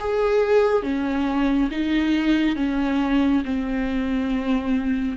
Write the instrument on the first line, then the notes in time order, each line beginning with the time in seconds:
viola
0.00 G#4
0.83 C#4
1.71 D#4
2.56 C#4
3.45 C4